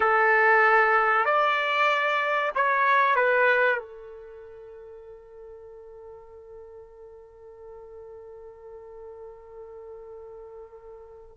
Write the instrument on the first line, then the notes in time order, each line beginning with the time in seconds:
trumpet
0.00 A4
1.25 D5
2.55 C#5
3.16 B4
3.78 A4